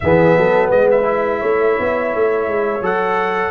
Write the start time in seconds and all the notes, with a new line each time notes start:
0.00 E3 B3 G#4 E5
0.37 F#3 A4
0.70 G#3 B4 D#5
0.91 E5
1.03 E4
1.39 A3 C#5
1.79 B3
2.14 A3
2.47 G#3
2.81 F#3 A4 F#5